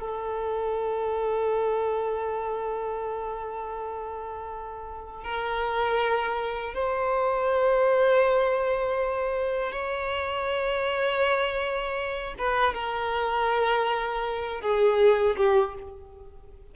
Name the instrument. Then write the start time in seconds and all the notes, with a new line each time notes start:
violin
0.00 A4
5.24 A#4
6.74 C5
9.72 C#5
12.39 B4
12.74 A#4
14.61 G#4
15.37 G4